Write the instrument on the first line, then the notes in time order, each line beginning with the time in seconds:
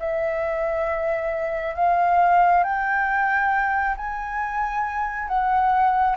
flute
0.00 E5
1.76 F5
2.64 G5
3.97 G#5
5.28 F#5